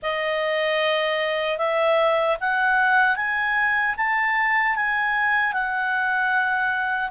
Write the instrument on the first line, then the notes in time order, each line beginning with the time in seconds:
clarinet
0.02 D#5
1.58 E5
2.40 F#5
3.16 G#5
3.97 A5
4.75 G#5
5.52 F#5